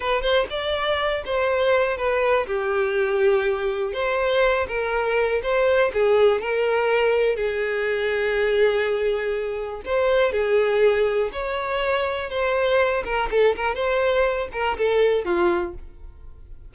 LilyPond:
\new Staff \with { instrumentName = "violin" } { \time 4/4 \tempo 4 = 122 b'8 c''8 d''4. c''4. | b'4 g'2. | c''4. ais'4. c''4 | gis'4 ais'2 gis'4~ |
gis'1 | c''4 gis'2 cis''4~ | cis''4 c''4. ais'8 a'8 ais'8 | c''4. ais'8 a'4 f'4 | }